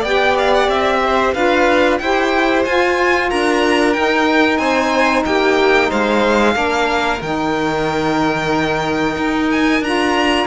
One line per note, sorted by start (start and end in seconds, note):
0.00 0.68 B3
0.00 1.35 G4
0.00 0.98 D5
0.00 0.37 G5
0.38 0.54 F5
0.54 0.70 F#5
0.69 1.34 C4
0.69 1.34 E5
1.05 1.35 C5
1.34 2.00 D4
1.34 2.00 F4
1.34 2.00 B4
1.34 1.99 F5
1.99 2.66 E4
1.99 2.67 G4
1.99 3.30 C5
1.99 2.64 G5
2.65 3.32 F4
2.65 3.95 F4
2.65 3.30 G#5
3.30 3.97 D4
3.30 4.59 A#4
3.30 3.94 A#5
3.94 6.54 D#4
3.94 4.59 D#4
3.94 4.58 G5
4.58 5.24 C4
4.58 5.24 C5
4.58 5.23 G#5
5.26 5.92 A#3
5.26 5.89 G4
5.26 5.91 G5
5.89 6.56 G#3
5.89 6.55 C5
5.89 7.22 F5
6.54 7.21 A#3
6.54 7.19 D4
6.54 10.47 A#4
7.21 9.17 D#3
7.21 9.83 D#4
7.21 9.51 G5
9.18 9.81 D#4
9.51 9.84 G#5
9.81 10.46 D4
9.81 10.47 F4
9.81 10.47 A#5